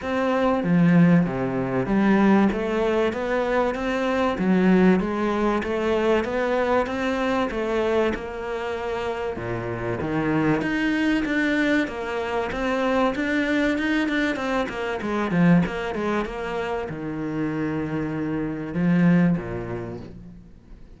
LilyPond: \new Staff \with { instrumentName = "cello" } { \time 4/4 \tempo 4 = 96 c'4 f4 c4 g4 | a4 b4 c'4 fis4 | gis4 a4 b4 c'4 | a4 ais2 ais,4 |
dis4 dis'4 d'4 ais4 | c'4 d'4 dis'8 d'8 c'8 ais8 | gis8 f8 ais8 gis8 ais4 dis4~ | dis2 f4 ais,4 | }